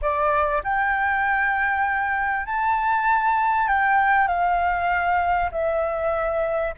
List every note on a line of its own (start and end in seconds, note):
0.01 0.62 D5
0.63 2.45 G5
2.45 3.67 A5
3.67 4.27 G5
4.27 5.50 F5
5.51 6.73 E5